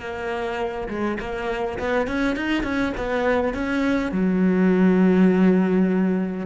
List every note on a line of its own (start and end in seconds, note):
0.00 0.88 A#3
0.89 1.18 G#3
1.20 1.79 A#3
1.79 2.07 B3
2.07 2.36 C#4
2.36 2.64 D#4
2.64 2.93 C#4
2.97 3.54 B3
3.54 4.12 C#4
4.12 6.47 F#3